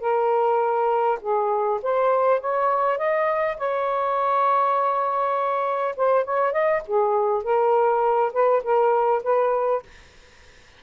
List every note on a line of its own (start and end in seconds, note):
0.00 1.19 A#4
1.21 1.80 G#4
1.82 2.40 C5
2.40 2.98 C#5
2.98 3.57 D#5
3.58 5.95 C#5
5.96 6.24 C5
6.24 6.52 C#5
6.52 6.82 D#5
6.87 7.43 G#4
7.43 8.32 A#4
8.33 8.62 B4
8.63 9.22 A#4
9.23 9.83 B4